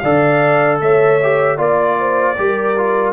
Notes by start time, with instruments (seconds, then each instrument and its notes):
0.00 tuba D3, trombone A4, horn D5, trumpet F5
0.81 tuba A3, horn C#5, trumpet E5
1.23 trombone G4
1.58 tuba A#3, trombone F4, horn D5, trumpet D5
1.99 horn C5
2.38 tuba G3, trombone G4, horn A#4
2.78 trombone F4